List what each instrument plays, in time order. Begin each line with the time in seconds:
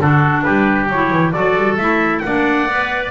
0.00 double bass D3, clarinet D4, oboe F#4, trumpet A4
0.43 double bass G3, oboe G4, trumpet B4
0.90 double bass F#3, clarinet E4, trumpet C#5
1.11 double bass E3
1.32 double bass F#3, clarinet F#4, oboe A4, trumpet D5
1.56 double bass G3
1.78 double bass A3, clarinet E4, trumpet E5
2.19 double bass A#3, clarinet D4, trumpet F#5
2.26 oboe D5
2.68 double bass B3, clarinet B4